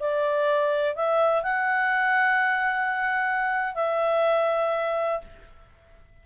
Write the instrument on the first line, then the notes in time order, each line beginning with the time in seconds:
clarinet
0.00 D5
0.95 E5
1.43 F#5
3.75 E5